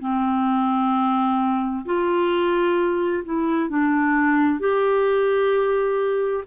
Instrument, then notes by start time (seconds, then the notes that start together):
clarinet
0.00 C4
1.85 F4
3.24 E4
3.69 D4
4.59 G4